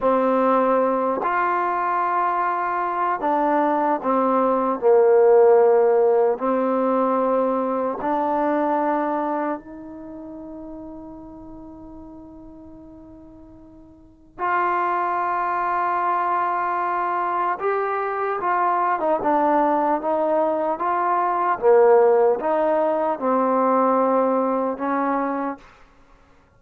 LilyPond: \new Staff \with { instrumentName = "trombone" } { \time 4/4 \tempo 4 = 75 c'4. f'2~ f'8 | d'4 c'4 ais2 | c'2 d'2 | dis'1~ |
dis'2 f'2~ | f'2 g'4 f'8. dis'16 | d'4 dis'4 f'4 ais4 | dis'4 c'2 cis'4 | }